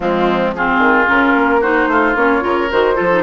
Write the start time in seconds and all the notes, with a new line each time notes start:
0.00 F3 G#3 C4 F4
0.55 C4 F4 G#4
0.78 D#3
1.07 C#3 C#4 A#4
1.35 A#3
1.60 D#4 F#4 C5
1.87 A3 F4
2.15 A#3 C#4 C#5
2.40 C#3 F4 A#4
2.71 D#3 F#4 C5
2.94 F3 F4 A4
3.11 D#4